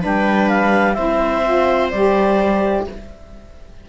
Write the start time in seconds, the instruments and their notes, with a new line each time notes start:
0.00 cello G3, saxophone D4, viola B4, clarinet G5
0.49 clarinet F5
0.94 cello C4, saxophone E4, viola C5, clarinet E5
1.45 saxophone F4
1.91 cello G3, saxophone G4, clarinet D5